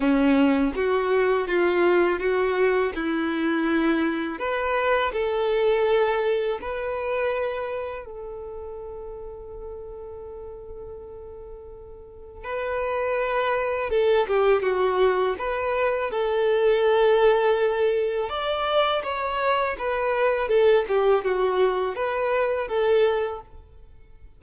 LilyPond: \new Staff \with { instrumentName = "violin" } { \time 4/4 \tempo 4 = 82 cis'4 fis'4 f'4 fis'4 | e'2 b'4 a'4~ | a'4 b'2 a'4~ | a'1~ |
a'4 b'2 a'8 g'8 | fis'4 b'4 a'2~ | a'4 d''4 cis''4 b'4 | a'8 g'8 fis'4 b'4 a'4 | }